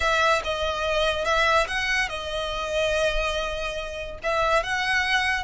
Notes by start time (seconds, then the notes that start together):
0.00 E5
0.44 D#5
1.24 E5
1.67 F#5
2.08 D#5
4.23 E5
4.63 F#5